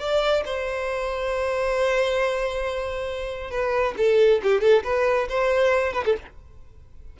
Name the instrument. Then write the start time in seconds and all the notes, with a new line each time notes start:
violin
0.00 D5
0.46 C5
3.51 B4
3.98 A4
4.44 G4
4.61 A4
4.84 B4
5.29 C5
5.93 B4
6.06 A4